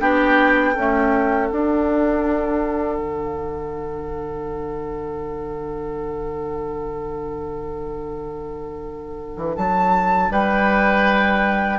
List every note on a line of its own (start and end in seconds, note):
0.00 0.76 B3
0.00 0.75 D4
0.00 0.74 G4
0.00 1.50 G5
0.74 1.51 A3
0.74 1.51 C#4
0.74 10.30 A4
1.50 11.79 D4
1.50 2.99 D4
1.50 9.57 F#5
2.99 9.36 D3
9.37 9.56 E3
9.57 10.30 F#3
9.57 10.32 A5
10.30 11.79 G3
10.30 11.79 B4
10.30 11.79 G5